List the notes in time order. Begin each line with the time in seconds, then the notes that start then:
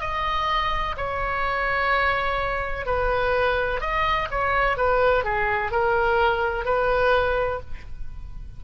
0.00 D#5
0.97 C#5
2.85 B4
3.81 D#5
4.30 C#5
4.77 B4
5.24 G#4
5.71 A#4
6.65 B4